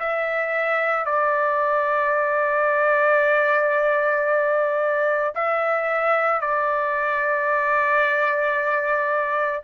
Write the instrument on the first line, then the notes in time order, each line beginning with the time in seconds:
trumpet
0.00 E5
1.06 D5
5.35 E5
6.41 D5